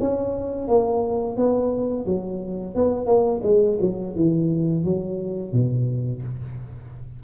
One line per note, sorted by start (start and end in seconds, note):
0.00 0.68 C#4
0.68 1.37 A#3
1.37 2.05 B3
2.05 2.75 F#3
2.75 3.06 B3
3.06 3.41 A#3
3.43 3.78 G#3
3.81 4.15 F#3
4.15 4.85 E3
4.85 5.52 F#3
5.52 6.22 B2